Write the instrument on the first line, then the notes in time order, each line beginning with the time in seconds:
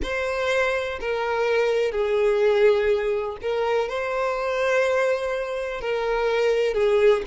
violin
0.02 C5
1.00 A#4
1.91 G#4
3.41 A#4
3.88 C5
5.81 A#4
6.74 G#4